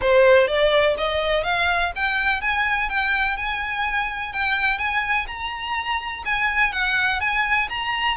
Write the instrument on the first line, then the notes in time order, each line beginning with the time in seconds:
violin
0.01 C5
0.47 D5
0.97 D#5
1.43 F5
1.95 G5
2.41 G#5
2.89 G5
3.36 G#5
4.32 G5
4.78 G#5
5.27 A#5
6.25 G#5
6.72 F#5
7.20 G#5
7.69 A#5